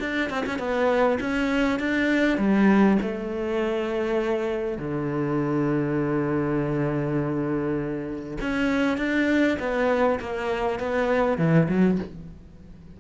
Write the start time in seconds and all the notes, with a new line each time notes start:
0.00 D4
0.30 C4
0.46 C#4
0.59 B3
1.20 C#4
1.79 D4
2.38 G3
3.02 A3
4.78 D3
8.41 C#4
8.98 D4
9.59 B3
10.20 A#3
10.79 B3
11.38 E3
11.69 F#3